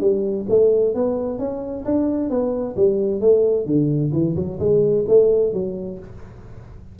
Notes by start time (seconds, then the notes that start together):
0.00 G3
0.49 A3
0.95 B3
1.39 C#4
1.85 D4
2.29 B3
2.76 G3
3.20 A3
3.66 D3
4.12 E3
4.36 F#3
4.59 G#3
5.08 A3
5.53 F#3